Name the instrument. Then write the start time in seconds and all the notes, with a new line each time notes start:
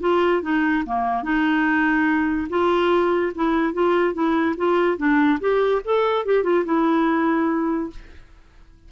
clarinet
0.00 F4
0.42 D#4
0.85 A#3
1.23 D#4
2.49 F4
3.35 E4
3.73 F4
4.13 E4
4.57 F4
4.97 D4
5.40 G4
5.84 A4
6.25 G4
6.43 F4
6.65 E4